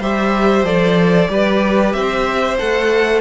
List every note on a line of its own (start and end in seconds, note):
0.00 0.64 G3
0.00 0.65 G4
0.00 1.30 C5
0.00 0.65 E5
0.64 1.28 F3
0.64 1.28 A4
0.64 1.93 D5
1.28 1.94 G3
1.28 2.58 G4
1.28 1.96 B4
1.93 2.58 C4
1.93 3.22 C5
1.93 2.58 E5
2.59 3.22 A3
2.59 3.22 A4
2.59 3.22 F#5